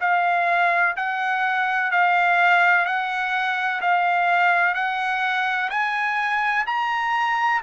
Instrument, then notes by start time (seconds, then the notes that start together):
trumpet
0.00 F5
0.97 F#5
1.91 F5
2.86 F#5
3.81 F5
4.74 F#5
5.70 G#5
6.66 A#5